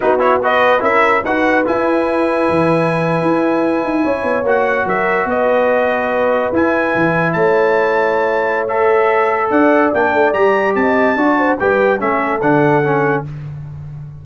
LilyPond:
<<
  \new Staff \with { instrumentName = "trumpet" } { \time 4/4 \tempo 4 = 145 b'8 cis''8 dis''4 e''4 fis''4 | gis''1~ | gis''2~ gis''8. fis''4 e''16~ | e''8. dis''2. gis''16~ |
gis''4.~ gis''16 a''2~ a''16~ | a''4 e''2 fis''4 | g''4 ais''4 a''2 | g''4 e''4 fis''2 | }
  \new Staff \with { instrumentName = "horn" } { \time 4/4 fis'4 b'4 ais'4 b'4~ | b'1~ | b'4.~ b'16 cis''2 ais'16~ | ais'8. b'2.~ b'16~ |
b'4.~ b'16 cis''2~ cis''16~ | cis''2. d''4~ | d''2 dis''4 d''8 c''8 | b'4 a'2. | }
  \new Staff \with { instrumentName = "trombone" } { \time 4/4 dis'8 e'8 fis'4 e'4 fis'4 | e'1~ | e'2~ e'8. fis'4~ fis'16~ | fis'2.~ fis'8. e'16~ |
e'1~ | e'4 a'2. | d'4 g'2 fis'4 | g'4 cis'4 d'4 cis'4 | }
  \new Staff \with { instrumentName = "tuba" } { \time 4/4 b2 cis'4 dis'4 | e'2 e4.~ e16 e'16~ | e'4~ e'16 dis'8 cis'8 b8 ais4 fis16~ | fis8. b2. e'16~ |
e'8. e4 a2~ a16~ | a2. d'4 | ais8 a8 g4 c'4 d'4 | g4 a4 d2 | }
>>